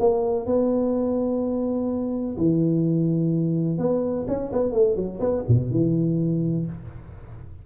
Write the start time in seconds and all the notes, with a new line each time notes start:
0.00 A#3
0.46 B3
2.38 E3
3.79 B3
4.28 C#4
4.53 B3
4.73 A3
4.96 F#3
5.20 B3
5.48 B2
5.71 E3